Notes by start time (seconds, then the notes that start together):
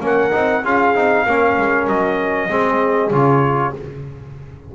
0.00 A#3 C#4 A#4 F#5
0.31 C4 D#4
0.63 C#4 F4 G#4 F5
0.94 C4 D#4
1.26 A#3 C#4 A#4
1.57 G#3
1.87 F#3 D#5
2.49 G#3 C4 G#4
3.10 C#3 F4 C#5